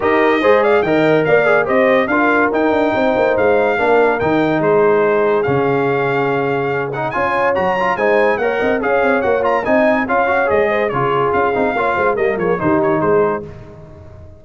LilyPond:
<<
  \new Staff \with { instrumentName = "trumpet" } { \time 4/4 \tempo 4 = 143 dis''4. f''8 g''4 f''4 | dis''4 f''4 g''2 | f''2 g''4 c''4~ | c''4 f''2.~ |
f''8 fis''8 gis''4 ais''4 gis''4 | fis''4 f''4 fis''8 ais''8 gis''4 | f''4 dis''4 cis''4 f''4~ | f''4 dis''8 cis''8 c''8 cis''8 c''4 | }
  \new Staff \with { instrumentName = "horn" } { \time 4/4 ais'4 c''8 d''8 dis''4 d''4 | c''4 ais'2 c''4~ | c''4 ais'2 gis'4~ | gis'1~ |
gis'4 cis''2 c''4 | cis''8 dis''8 cis''2 dis''4 | cis''4. c''8 gis'2 | cis''8 c''8 ais'8 gis'8 g'4 gis'4 | }
  \new Staff \with { instrumentName = "trombone" } { \time 4/4 g'4 gis'4 ais'4. gis'8 | g'4 f'4 dis'2~ | dis'4 d'4 dis'2~ | dis'4 cis'2.~ |
cis'8 dis'8 f'4 fis'8 f'8 dis'4 | ais'4 gis'4 fis'8 f'8 dis'4 | f'8 fis'8 gis'4 f'4. dis'8 | f'4 ais4 dis'2 | }
  \new Staff \with { instrumentName = "tuba" } { \time 4/4 dis'4 gis4 dis4 ais4 | c'4 d'4 dis'8 d'8 c'8 ais8 | gis4 ais4 dis4 gis4~ | gis4 cis2.~ |
cis4 cis'4 fis4 gis4 | ais8 c'8 cis'8 c'8 ais4 c'4 | cis'4 gis4 cis4 cis'8 c'8 | ais8 gis8 g8 f8 dis4 gis4 | }
>>